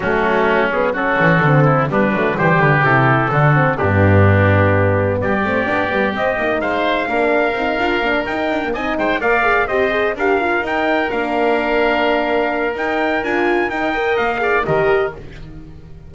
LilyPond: <<
  \new Staff \with { instrumentName = "trumpet" } { \time 4/4 \tempo 4 = 127 fis'4. gis'8 a'2 | b'4 c''8 b'8 a'2 | g'2. d''4~ | d''4 dis''4 f''2~ |
f''4. g''4 gis''8 g''8 f''8~ | f''8 dis''4 f''4 g''4 f''8~ | f''2. g''4 | gis''4 g''4 f''4 dis''4 | }
  \new Staff \with { instrumentName = "oboe" } { \time 4/4 cis'2 fis'4. e'8 | d'4 g'2 fis'4 | d'2. g'4~ | g'2 c''4 ais'4~ |
ais'2~ ais'8 dis''8 c''8 d''8~ | d''8 c''4 ais'2~ ais'8~ | ais'1~ | ais'4. dis''4 d''8 ais'4 | }
  \new Staff \with { instrumentName = "horn" } { \time 4/4 a4. b8 cis'4 c'4 | b8 a8 g4 e'4 d'8 c'8 | b2.~ b8 c'8 | d'8 b8 c'8 dis'4. d'4 |
dis'8 f'8 d'8 dis'8. ais16 dis'4 ais'8 | gis'8 g'8 gis'8 g'8 f'8 dis'4 d'8~ | d'2. dis'4 | f'4 dis'8 ais'4 gis'8 g'4 | }
  \new Staff \with { instrumentName = "double bass" } { \time 4/4 fis2~ fis8 e8 d4 | g8 fis8 e8 d8 c4 d4 | g,2. g8 a8 | b8 g8 c'8 ais8 gis4 ais4 |
c'8 d'8 ais8 dis'8 d'8 c'8 gis8 ais8~ | ais8 c'4 d'4 dis'4 ais8~ | ais2. dis'4 | d'4 dis'4 ais4 dis4 | }
>>